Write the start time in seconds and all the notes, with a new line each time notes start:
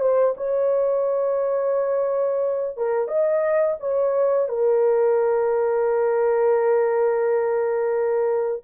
0.00 C5
0.37 C#5
2.77 A#4
3.08 D#5
3.80 C#5
4.49 A#4